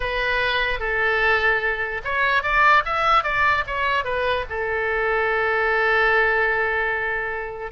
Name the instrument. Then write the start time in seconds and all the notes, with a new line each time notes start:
oboe
0.00 B4
0.79 A4
2.04 C#5
2.42 D5
2.85 E5
3.23 D5
3.66 C#5
4.04 B4
4.49 A4